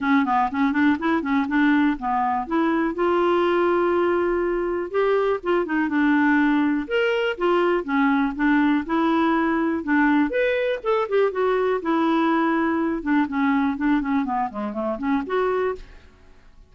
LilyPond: \new Staff \with { instrumentName = "clarinet" } { \time 4/4 \tempo 4 = 122 cis'8 b8 cis'8 d'8 e'8 cis'8 d'4 | b4 e'4 f'2~ | f'2 g'4 f'8 dis'8 | d'2 ais'4 f'4 |
cis'4 d'4 e'2 | d'4 b'4 a'8 g'8 fis'4 | e'2~ e'8 d'8 cis'4 | d'8 cis'8 b8 gis8 a8 cis'8 fis'4 | }